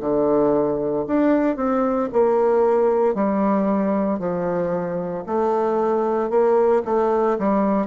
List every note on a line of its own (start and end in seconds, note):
0.00 1.05 D3
1.07 1.56 D4
1.56 2.09 C4
2.12 3.14 A#3
3.14 4.19 G3
4.19 5.24 F3
5.26 6.29 A3
6.29 6.82 A#3
6.85 7.37 A3
7.38 7.86 G3